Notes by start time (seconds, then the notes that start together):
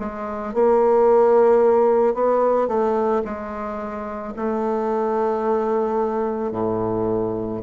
0.00 G#3
0.54 A#3
2.15 B3
2.68 A3
3.25 G#3
4.37 A3
6.52 A2